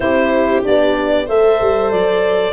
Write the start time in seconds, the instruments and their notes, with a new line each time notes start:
0.00 tuba C4, horn E4, viola G4, clarinet C5
0.63 tuba B3, horn D4, clarinet D5
1.26 tuba A3, horn A4, viola C5, clarinet E5
1.61 tuba G3
1.91 tuba F#3, clarinet D5